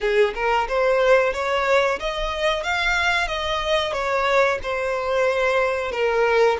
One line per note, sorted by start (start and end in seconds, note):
0.01 0.34 G#4
0.34 0.67 A#4
0.68 1.33 C5
1.33 1.99 C#5
1.99 2.63 D#5
2.63 3.27 F5
3.27 3.92 D#5
3.92 4.58 C#5
4.62 5.91 C5
5.91 6.57 A#4